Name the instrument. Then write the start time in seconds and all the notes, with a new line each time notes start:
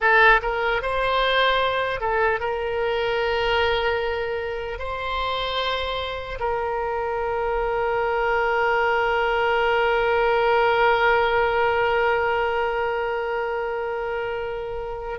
oboe
0.00 A4
0.41 A#4
0.82 C5
2.00 A4
2.40 A#4
4.79 C5
6.39 A#4